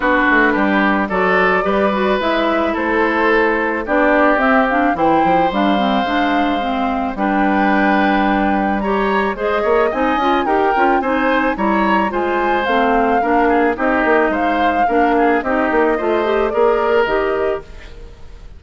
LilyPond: <<
  \new Staff \with { instrumentName = "flute" } { \time 4/4 \tempo 4 = 109 b'2 d''2 | e''4 c''2 d''4 | e''8 f''8 g''4 f''2~ | f''4 g''2. |
ais''4 dis''4 gis''4 g''4 | gis''4 ais''4 gis''4 f''4~ | f''4 dis''4 f''2 | dis''2 d''4 dis''4 | }
  \new Staff \with { instrumentName = "oboe" } { \time 4/4 fis'4 g'4 a'4 b'4~ | b'4 a'2 g'4~ | g'4 c''2.~ | c''4 b'2. |
cis''4 c''8 cis''8 dis''4 ais'4 | c''4 cis''4 c''2 | ais'8 gis'8 g'4 c''4 ais'8 gis'8 | g'4 c''4 ais'2 | }
  \new Staff \with { instrumentName = "clarinet" } { \time 4/4 d'2 fis'4 g'8 fis'8 | e'2. d'4 | c'8 d'8 e'4 d'8 c'8 d'4 | c'4 d'2. |
g'4 gis'4 dis'8 f'8 g'8 f'8 | dis'4 e'4 f'4 c'4 | d'4 dis'2 d'4 | dis'4 f'8 g'8 gis'4 g'4 | }
  \new Staff \with { instrumentName = "bassoon" } { \time 4/4 b8 a8 g4 fis4 g4 | gis4 a2 b4 | c'4 e8 f8 g4 gis4~ | gis4 g2.~ |
g4 gis8 ais8 c'8 cis'8 dis'8 cis'8 | c'4 g4 gis4 a4 | ais4 c'8 ais8 gis4 ais4 | c'8 ais8 a4 ais4 dis4 | }
>>